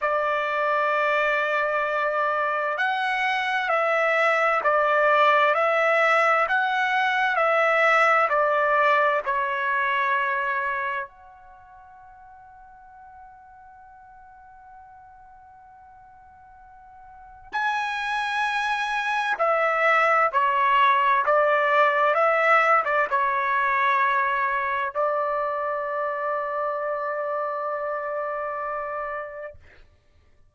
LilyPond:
\new Staff \with { instrumentName = "trumpet" } { \time 4/4 \tempo 4 = 65 d''2. fis''4 | e''4 d''4 e''4 fis''4 | e''4 d''4 cis''2 | fis''1~ |
fis''2. gis''4~ | gis''4 e''4 cis''4 d''4 | e''8. d''16 cis''2 d''4~ | d''1 | }